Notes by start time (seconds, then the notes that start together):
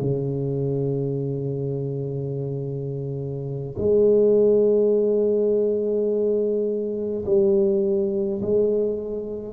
0.00 C#3
3.78 G#3
7.25 G3
8.42 G#3